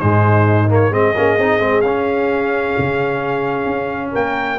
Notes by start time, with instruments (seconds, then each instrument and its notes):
0.00 tuba G#2, trombone G#3, horn D#4, trumpet C5
0.69 trombone A#3, trumpet C#5
0.90 tuba G#3, trombone C4, horn G#4, trumpet D#5
1.16 tuba A#3, trombone C#4
1.38 tuba C4, trombone D#4
1.59 tuba G#3, trombone C4
1.81 tuba C#4, trombone C#4, trumpet F5
2.78 tuba C#3
3.65 tuba C#4
4.11 tuba A#3, horn A#4, trumpet G5